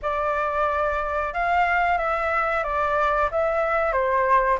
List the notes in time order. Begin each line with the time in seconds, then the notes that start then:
0.02 D5
1.33 F5
1.98 E5
2.63 D5
3.31 E5
3.92 C5